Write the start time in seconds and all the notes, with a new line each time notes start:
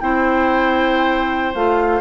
0.00 C4 E4 C5 G5
1.55 A3 F4 F5